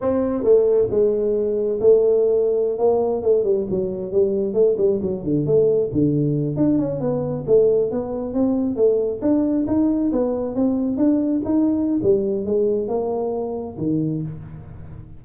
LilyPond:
\new Staff \with { instrumentName = "tuba" } { \time 4/4 \tempo 4 = 135 c'4 a4 gis2 | a2~ a16 ais4 a8 g16~ | g16 fis4 g4 a8 g8 fis8 d16~ | d16 a4 d4. d'8 cis'8 b16~ |
b8. a4 b4 c'4 a16~ | a8. d'4 dis'4 b4 c'16~ | c'8. d'4 dis'4~ dis'16 g4 | gis4 ais2 dis4 | }